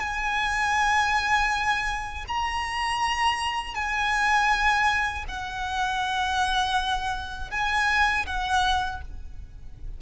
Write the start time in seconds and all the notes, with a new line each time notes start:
0.00 G#5
2.28 A#5
3.75 G#5
5.29 F#5
7.51 G#5
8.27 F#5